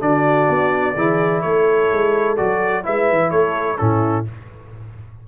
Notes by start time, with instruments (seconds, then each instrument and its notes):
0.00 tuba D3, trombone D4, horn F#4, trumpet D5
0.49 tuba B3
0.96 tuba E3, trombone E4, horn G#4
1.42 tuba A3, horn A4, trumpet C#5
1.92 tuba G#3
2.37 tuba F#3, trombone F#4, trumpet D5
2.83 tuba G#3, trombone E4, horn B4, trumpet E5
3.11 tuba E3
3.31 tuba A3, horn A4, trumpet C#5
3.78 tuba A2, trombone C#4, horn E4, trumpet A4